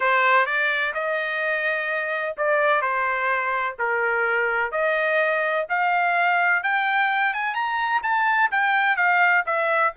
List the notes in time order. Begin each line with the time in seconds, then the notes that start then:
0.00 C5
0.46 D5
0.93 D#5
2.37 D5
2.81 C5
3.78 A#4
4.71 D#5
5.69 F5
6.63 G5
7.33 G#5
7.54 A#5
8.03 A5
8.51 G5
8.96 F5
9.46 E5